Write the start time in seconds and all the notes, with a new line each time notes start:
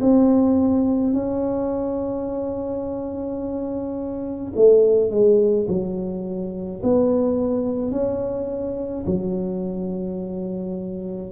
0.00 C4
1.13 C#4
4.56 A3
5.10 G#3
5.68 F#3
6.82 B3
7.91 C#4
9.06 F#3